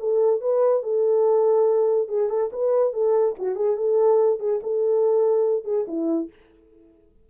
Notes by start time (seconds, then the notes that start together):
0.00 A4
0.41 B4
0.83 A4
2.09 G#4
2.30 A4
2.53 B4
2.94 A4
3.39 F#4
3.56 G#4
3.77 A4
4.40 G#4
4.63 A4
5.65 G#4
5.88 E4